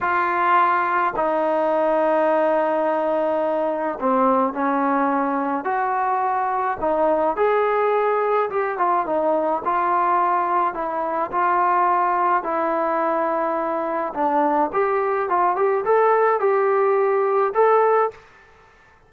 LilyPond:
\new Staff \with { instrumentName = "trombone" } { \time 4/4 \tempo 4 = 106 f'2 dis'2~ | dis'2. c'4 | cis'2 fis'2 | dis'4 gis'2 g'8 f'8 |
dis'4 f'2 e'4 | f'2 e'2~ | e'4 d'4 g'4 f'8 g'8 | a'4 g'2 a'4 | }